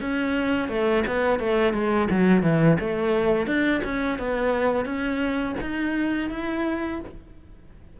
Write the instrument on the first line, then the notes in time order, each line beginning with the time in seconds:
cello
0.00 C#4
0.68 A3
1.07 B3
1.39 A3
1.73 G#3
2.10 F#3
2.43 E3
2.80 A3
3.46 D4
3.84 C#4
4.18 B3
4.85 C#4
5.61 D#4
6.30 E4